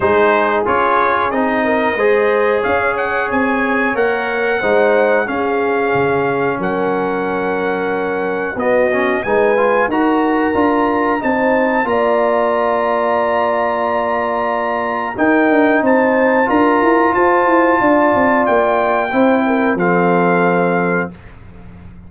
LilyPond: <<
  \new Staff \with { instrumentName = "trumpet" } { \time 4/4 \tempo 4 = 91 c''4 cis''4 dis''2 | f''8 fis''8 gis''4 fis''2 | f''2 fis''2~ | fis''4 dis''4 gis''4 ais''4~ |
ais''4 a''4 ais''2~ | ais''2. g''4 | a''4 ais''4 a''2 | g''2 f''2 | }
  \new Staff \with { instrumentName = "horn" } { \time 4/4 gis'2~ gis'8 ais'8 c''4 | cis''2. c''4 | gis'2 ais'2~ | ais'4 fis'4 b'4 ais'4~ |
ais'4 c''4 d''2~ | d''2. ais'4 | c''4 ais'4 c''4 d''4~ | d''4 c''8 ais'8 a'2 | }
  \new Staff \with { instrumentName = "trombone" } { \time 4/4 dis'4 f'4 dis'4 gis'4~ | gis'2 ais'4 dis'4 | cis'1~ | cis'4 b8 cis'8 dis'8 f'8 fis'4 |
f'4 dis'4 f'2~ | f'2. dis'4~ | dis'4 f'2.~ | f'4 e'4 c'2 | }
  \new Staff \with { instrumentName = "tuba" } { \time 4/4 gis4 cis'4 c'4 gis4 | cis'4 c'4 ais4 gis4 | cis'4 cis4 fis2~ | fis4 b4 gis4 dis'4 |
d'4 c'4 ais2~ | ais2. dis'8 d'8 | c'4 d'8 e'8 f'8 e'8 d'8 c'8 | ais4 c'4 f2 | }
>>